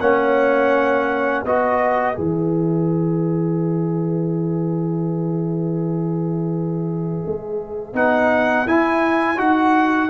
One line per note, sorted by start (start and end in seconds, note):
0.00 1.45 A#3
0.00 1.46 C#4
0.00 1.45 C#5
0.00 1.45 F#5
1.45 2.17 B3
1.45 2.15 F#4
1.45 10.10 B4
1.45 2.18 D#5
2.15 7.24 E3
2.15 7.93 G#4
2.15 7.96 E5
7.26 7.94 G#3
7.94 8.66 B3
7.94 8.67 D#4
7.94 8.68 F#5
8.66 9.38 E4
8.66 9.37 E4
8.66 9.39 G#5
9.37 10.10 D#4
9.37 10.09 F#4
9.37 10.10 F#5